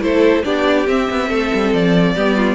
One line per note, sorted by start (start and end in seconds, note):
0.00 0.43 A3
0.00 0.43 E4
0.00 0.45 A4
0.00 0.44 C5
0.43 0.87 B3
0.43 0.86 D4
0.43 1.28 G4
0.43 0.87 D5
0.87 1.08 C4
0.87 2.15 C4
0.87 1.73 E5
1.10 1.29 B3
1.28 1.51 A3
1.28 2.13 A4
1.53 1.73 G3
1.73 2.16 F3
1.73 2.54 D5
2.15 2.54 G3
2.15 2.54 B3
2.15 2.36 G4
2.36 2.54 F4